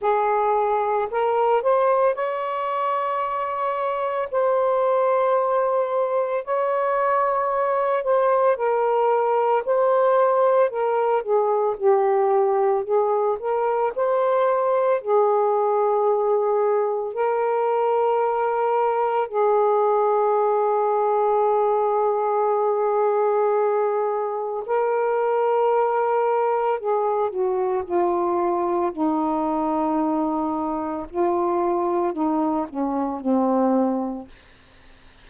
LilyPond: \new Staff \with { instrumentName = "saxophone" } { \time 4/4 \tempo 4 = 56 gis'4 ais'8 c''8 cis''2 | c''2 cis''4. c''8 | ais'4 c''4 ais'8 gis'8 g'4 | gis'8 ais'8 c''4 gis'2 |
ais'2 gis'2~ | gis'2. ais'4~ | ais'4 gis'8 fis'8 f'4 dis'4~ | dis'4 f'4 dis'8 cis'8 c'4 | }